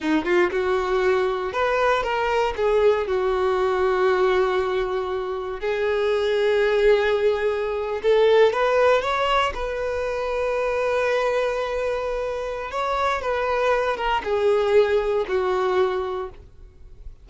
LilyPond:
\new Staff \with { instrumentName = "violin" } { \time 4/4 \tempo 4 = 118 dis'8 f'8 fis'2 b'4 | ais'4 gis'4 fis'2~ | fis'2. gis'4~ | gis'2.~ gis'8. a'16~ |
a'8. b'4 cis''4 b'4~ b'16~ | b'1~ | b'4 cis''4 b'4. ais'8 | gis'2 fis'2 | }